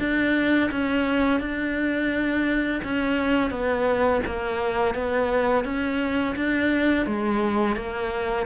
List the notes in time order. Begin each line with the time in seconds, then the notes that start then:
0.00 D4
0.72 C#4
1.41 D4
2.84 C#4
3.51 B3
4.27 A#3
4.95 B3
5.65 C#4
6.36 D4
7.07 G#3
7.77 A#3